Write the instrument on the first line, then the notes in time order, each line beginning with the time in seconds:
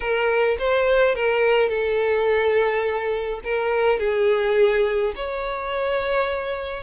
violin
0.00 A#4
0.59 C5
1.15 A#4
1.69 A4
3.44 A#4
3.99 G#4
5.15 C#5